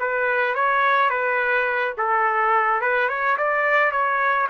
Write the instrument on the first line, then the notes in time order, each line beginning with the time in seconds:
trumpet
0.00 B4
0.56 C#5
1.11 B4
1.98 A4
2.82 B4
3.09 C#5
3.38 D5
3.92 C#5